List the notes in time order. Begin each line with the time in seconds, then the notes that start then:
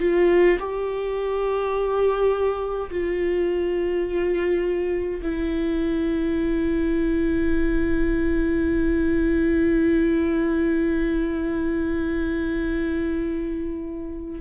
0.00 F4
0.60 G4
2.91 F4
5.22 E4